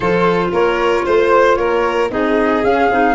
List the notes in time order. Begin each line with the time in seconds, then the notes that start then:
0.00 F3 F4 A4 C5
0.52 A#3 A#4 C#5
1.05 A3 C5
1.55 A#3 A#4 C#5
2.10 C4 D#4 G#4 D#5
2.63 C#4 F5
2.90 C4 D#4